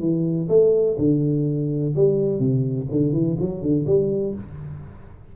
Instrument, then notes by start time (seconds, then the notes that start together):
tuba
0.00 E3
0.49 A3
0.98 D3
1.95 G3
2.39 C3
2.91 D3
3.13 E3
3.40 F#3
3.62 D3
3.86 G3